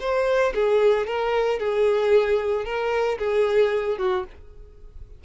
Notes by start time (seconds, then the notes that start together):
0.00 C5
0.55 G#4
1.07 A#4
1.60 G#4
2.65 A#4
3.19 G#4
3.98 F#4